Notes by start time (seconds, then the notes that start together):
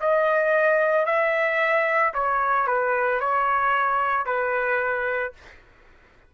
0.00 D#5
1.06 E5
2.13 C#5
2.67 B4
3.20 C#5
4.26 B4